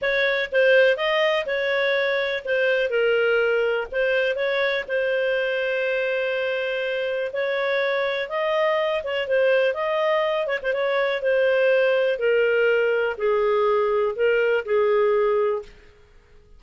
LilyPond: \new Staff \with { instrumentName = "clarinet" } { \time 4/4 \tempo 4 = 123 cis''4 c''4 dis''4 cis''4~ | cis''4 c''4 ais'2 | c''4 cis''4 c''2~ | c''2. cis''4~ |
cis''4 dis''4. cis''8 c''4 | dis''4. cis''16 c''16 cis''4 c''4~ | c''4 ais'2 gis'4~ | gis'4 ais'4 gis'2 | }